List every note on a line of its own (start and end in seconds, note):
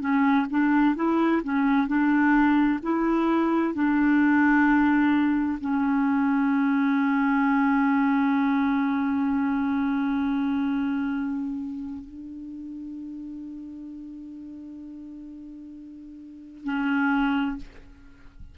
0.00 0.46 C#4
0.50 0.96 D4
0.96 1.42 E4
1.43 1.87 C#4
1.87 2.79 D4
2.83 3.74 E4
3.74 5.59 D4
5.61 12.05 C#4
12.05 16.64 D4
16.64 17.57 C#4